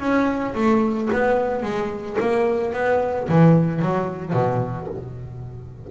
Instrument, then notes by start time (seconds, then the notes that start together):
double bass
0.00 C#4
0.55 A3
1.13 B3
1.63 G#3
2.20 A#3
2.73 B3
3.29 E3
3.82 F#3
4.33 B2